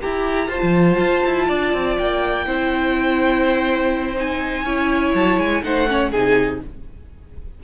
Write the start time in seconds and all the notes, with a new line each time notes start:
0.00 E4 G4 A#5
0.47 F4 C5 A5
0.62 F3
0.99 F4
1.26 E4
1.48 D4 D5
1.74 C4
1.98 A#3 G5
2.46 C4 E4 C5
4.15 D#4 G#5
4.64 C#4 E4 C#5
5.14 F#3 A5
5.38 G#3 G#5
5.63 A3 D#4 C5 F#5
5.88 C#4 C#5
6.11 C3 D#4 G#4 G#5